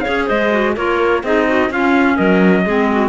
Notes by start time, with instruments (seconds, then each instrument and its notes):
0.00 clarinet G#4 C#5, trumpet F5
0.07 cello C#4
0.26 cello G#3, clarinet C5, trumpet D#5
0.50 clarinet F#4
0.76 cello A#3, clarinet F4 A#4, trumpet C#5
1.23 cello C4, clarinet D#4 G#4, trumpet D#5
1.47 clarinet F#4
1.70 cello C#4, clarinet C#4 F4, trumpet F5
2.16 cello F#3, clarinet A#4, trumpet D#5
2.65 cello G#3, clarinet C4 G#4
2.90 clarinet F#4